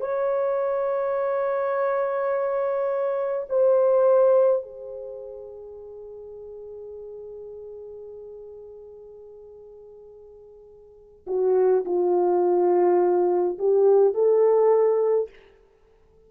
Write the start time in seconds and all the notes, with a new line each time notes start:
0.00 C#5
3.49 C5
4.62 G#4
11.27 F#4
11.85 F4
13.58 G4
14.14 A4